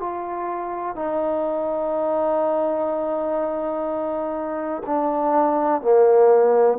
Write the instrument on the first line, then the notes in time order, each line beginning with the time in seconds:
trombone
0.00 F4
0.96 D#4
4.87 D4
5.82 A#3